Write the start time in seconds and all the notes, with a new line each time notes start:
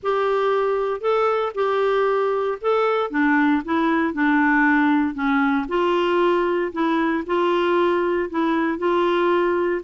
0.03 G4
1.00 A4
1.54 G4
2.61 A4
3.10 D4
3.65 E4
4.13 D4
5.14 C#4
5.68 F4
6.72 E4
7.26 F4
8.29 E4
8.78 F4